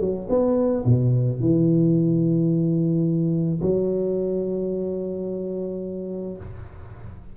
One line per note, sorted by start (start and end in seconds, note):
0.00 0.28 F#3
0.29 0.84 B3
0.85 1.40 B2
1.40 3.60 E3
3.61 6.37 F#3